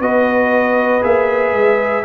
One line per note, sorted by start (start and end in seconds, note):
0.00 1.02 B3
0.00 1.01 F#4
0.00 2.04 B4
0.00 1.03 D#5
1.01 1.52 A#3
1.01 2.03 G#4
1.01 2.04 E5
1.52 2.03 G#3